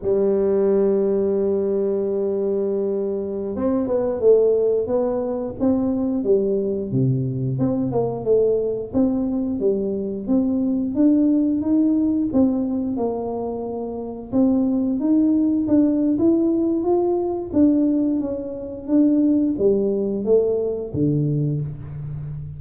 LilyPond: \new Staff \with { instrumentName = "tuba" } { \time 4/4 \tempo 4 = 89 g1~ | g4~ g16 c'8 b8 a4 b8.~ | b16 c'4 g4 c4 c'8 ais16~ | ais16 a4 c'4 g4 c'8.~ |
c'16 d'4 dis'4 c'4 ais8.~ | ais4~ ais16 c'4 dis'4 d'8. | e'4 f'4 d'4 cis'4 | d'4 g4 a4 d4 | }